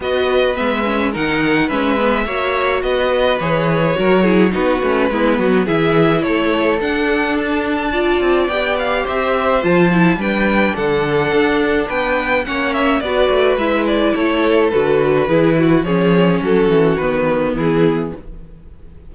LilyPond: <<
  \new Staff \with { instrumentName = "violin" } { \time 4/4 \tempo 4 = 106 dis''4 e''4 fis''4 e''4~ | e''4 dis''4 cis''2 | b'2 e''4 cis''4 | fis''4 a''2 g''8 f''8 |
e''4 a''4 g''4 fis''4~ | fis''4 g''4 fis''8 e''8 d''4 | e''8 d''8 cis''4 b'2 | cis''4 a'4 b'4 gis'4 | }
  \new Staff \with { instrumentName = "violin" } { \time 4/4 b'2 ais'4 b'4 | cis''4 b'2 ais'8 gis'8 | fis'4 e'8 fis'8 gis'4 a'4~ | a'2 d''2 |
c''2 b'4 a'4~ | a'4 b'4 cis''4 b'4~ | b'4 a'2 gis'8 fis'8 | gis'4 fis'2 e'4 | }
  \new Staff \with { instrumentName = "viola" } { \time 4/4 fis'4 b8 cis'8 dis'4 cis'8 b8 | fis'2 gis'4 fis'8 e'8 | dis'8 cis'8 b4 e'2 | d'2 f'4 g'4~ |
g'4 f'8 e'8 d'2~ | d'2 cis'4 fis'4 | e'2 fis'4 e'4 | cis'2 b2 | }
  \new Staff \with { instrumentName = "cello" } { \time 4/4 b4 gis4 dis4 gis4 | ais4 b4 e4 fis4 | b8 a8 gis8 fis8 e4 a4 | d'2~ d'8 c'8 b4 |
c'4 f4 g4 d4 | d'4 b4 ais4 b8 a8 | gis4 a4 d4 e4 | f4 fis8 e8 dis4 e4 | }
>>